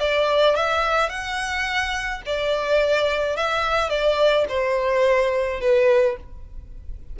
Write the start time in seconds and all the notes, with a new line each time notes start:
0.00 D5
0.56 E5
1.10 F#5
2.26 D5
3.37 E5
3.89 D5
4.49 C5
5.61 B4